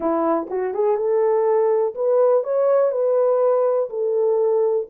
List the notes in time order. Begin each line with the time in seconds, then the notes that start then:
0.00 E4
0.49 F#4
0.74 G#4
0.96 A4
1.94 B4
2.43 C#5
2.91 B4
3.89 A4